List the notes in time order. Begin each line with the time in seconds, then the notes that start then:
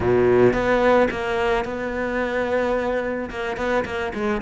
0.00 B2
0.53 B3
1.10 A#3
1.64 B3
3.30 A#3
3.57 B3
3.85 A#3
4.14 G#3